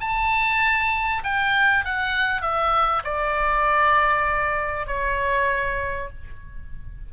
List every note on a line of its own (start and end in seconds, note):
0.00 1.22 A5
1.23 1.85 G5
1.85 2.42 F#5
2.42 3.03 E5
3.04 4.87 D5
4.87 6.09 C#5